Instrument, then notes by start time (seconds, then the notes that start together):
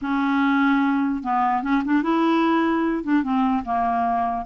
clarinet
0.01 C#4
1.23 B3
1.62 C#4
1.84 D4
2.03 E4
3.03 D4
3.23 C4
3.64 A#3